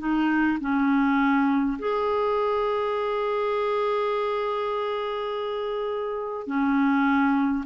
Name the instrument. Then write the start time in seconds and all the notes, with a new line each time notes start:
clarinet
0.00 D#4
0.61 C#4
1.79 G#4
6.48 C#4